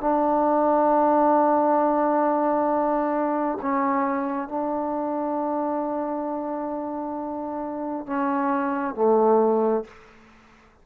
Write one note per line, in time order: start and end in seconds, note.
0.00 3.58 D4
3.61 4.49 C#4
4.49 8.06 D4
8.06 8.94 C#4
8.94 9.84 A3